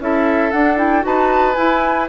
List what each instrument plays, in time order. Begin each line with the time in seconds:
0.00 bassoon C#4, clarinet E4, oboe A4, flute E5
0.52 clarinet D4, bassoon D4, flute F#5
0.77 clarinet E4, flute G5
1.02 bassoon D#4, clarinet F#4, oboe B4, flute A5
1.54 bassoon E4, clarinet E4, flute G#5